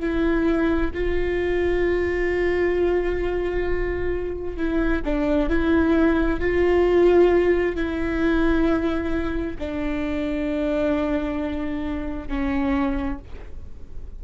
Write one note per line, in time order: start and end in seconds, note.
0.00 0.91 E4
0.94 4.57 F4
4.57 5.02 E4
5.05 5.49 D4
5.49 6.40 E4
6.40 7.76 F4
7.76 9.57 E4
9.59 12.28 D4
12.28 13.19 C#4